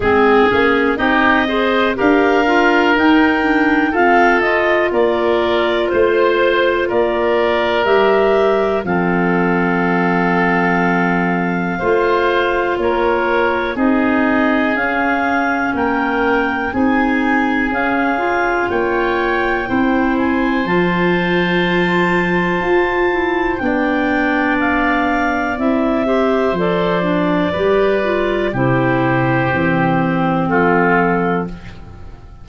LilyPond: <<
  \new Staff \with { instrumentName = "clarinet" } { \time 4/4 \tempo 4 = 61 gis'4 dis''4 f''4 g''4 | f''8 dis''8 d''4 c''4 d''4 | e''4 f''2.~ | f''4 cis''4 dis''4 f''4 |
g''4 gis''4 f''4 g''4~ | g''8 gis''8 a''2. | g''4 f''4 e''4 d''4~ | d''4 c''2 a'4 | }
  \new Staff \with { instrumentName = "oboe" } { \time 4/4 gis'4 g'8 c''8 ais'2 | a'4 ais'4 c''4 ais'4~ | ais'4 a'2. | c''4 ais'4 gis'2 |
ais'4 gis'2 cis''4 | c''1 | d''2~ d''8 c''4. | b'4 g'2 f'4 | }
  \new Staff \with { instrumentName = "clarinet" } { \time 4/4 c'8 cis'8 dis'8 gis'8 g'8 f'8 dis'8 d'8 | c'8 f'2.~ f'8 | g'4 c'2. | f'2 dis'4 cis'4~ |
cis'4 dis'4 cis'8 f'4. | e'4 f'2~ f'8 e'8 | d'2 e'8 g'8 a'8 d'8 | g'8 f'8 e'4 c'2 | }
  \new Staff \with { instrumentName = "tuba" } { \time 4/4 gis8 ais8 c'4 d'4 dis'4 | f'4 ais4 a4 ais4 | g4 f2. | a4 ais4 c'4 cis'4 |
ais4 c'4 cis'4 ais4 | c'4 f2 f'4 | b2 c'4 f4 | g4 c4 e4 f4 | }
>>